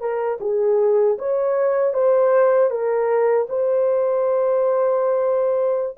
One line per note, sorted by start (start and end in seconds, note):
0.00 0.38 A#4
0.41 1.17 G#4
1.19 1.94 C#5
1.94 2.70 C5
2.70 3.47 A#4
3.49 5.98 C5